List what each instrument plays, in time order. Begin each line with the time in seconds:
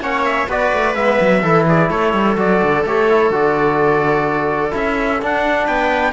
0.00 cello A#3, trombone C#4, viola C#5, trumpet F#5
0.24 trumpet E5
0.48 cello B3, trombone F#4, viola B4, trumpet D5
0.72 cello A3
0.95 cello G#3, trombone B3, trumpet E5
1.20 cello F#3
1.42 cello E3, trombone E4, viola A4
1.67 viola G#4, trumpet D5
1.90 cello A3, viola A4, trumpet C#5
2.13 cello G3
2.36 cello F#3, trombone F#4, trumpet D5
2.62 cello D3
2.84 cello A3, trombone G4, trumpet C#5
3.10 trombone E4
3.30 cello D3, trombone F#4, trumpet D5
4.70 cello C#4, trombone E4, trumpet E5
5.22 cello D4, trombone D4, trumpet F#5
5.65 cello B3, viola B4, trumpet G5